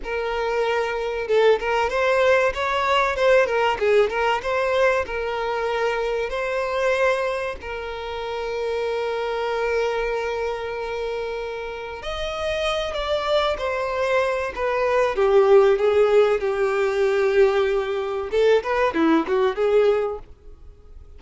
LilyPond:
\new Staff \with { instrumentName = "violin" } { \time 4/4 \tempo 4 = 95 ais'2 a'8 ais'8 c''4 | cis''4 c''8 ais'8 gis'8 ais'8 c''4 | ais'2 c''2 | ais'1~ |
ais'2. dis''4~ | dis''8 d''4 c''4. b'4 | g'4 gis'4 g'2~ | g'4 a'8 b'8 e'8 fis'8 gis'4 | }